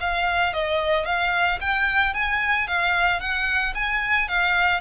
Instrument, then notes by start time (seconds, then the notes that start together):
violin
0.00 F5
0.53 D#5
1.05 F5
1.60 G5
2.14 G#5
2.67 F5
3.20 F#5
3.75 G#5
4.28 F5